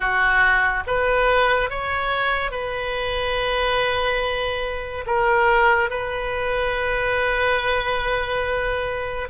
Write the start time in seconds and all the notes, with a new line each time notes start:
0.00 F#4
0.86 B4
1.69 C#5
2.51 B4
5.06 A#4
5.90 B4